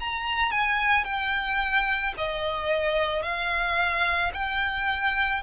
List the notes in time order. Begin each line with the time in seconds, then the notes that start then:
0.00 A#5
0.51 G#5
1.05 G5
2.17 D#5
3.22 F5
4.33 G5